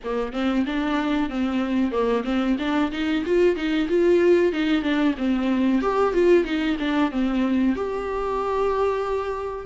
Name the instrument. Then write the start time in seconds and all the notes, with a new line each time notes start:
viola
0.04 A#3
0.32 C4
0.65 D4
1.29 C4
1.91 A#3
2.24 C4
2.58 D4
2.91 D#4
3.25 F4
3.55 D#4
3.88 F4
4.52 D#4
4.82 D4
5.17 C4
5.81 G4
6.13 F4
6.44 D#4
6.79 D4
7.11 C4
7.75 G4